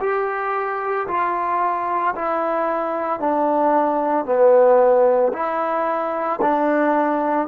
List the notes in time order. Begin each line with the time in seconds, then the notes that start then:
0.00 G4
1.08 F4
2.15 E4
3.20 D4
4.25 B3
5.33 E4
6.41 D4